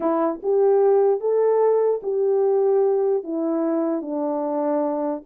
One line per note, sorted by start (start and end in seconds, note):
0.00 0.40 E4
0.42 1.20 G4
1.20 2.00 A4
2.02 3.23 G4
3.23 4.01 E4
4.01 5.22 D4